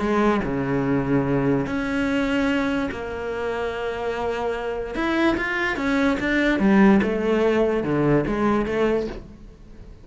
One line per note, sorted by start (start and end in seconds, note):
0.00 0.41 G#3
0.44 1.66 C#3
1.66 2.90 C#4
2.92 4.95 A#3
4.95 5.36 E4
5.37 5.77 F4
5.77 6.18 C#4
6.20 6.60 D4
6.60 7.01 G3
7.03 7.84 A3
7.84 8.25 D3
8.27 8.66 G#3
8.66 9.07 A3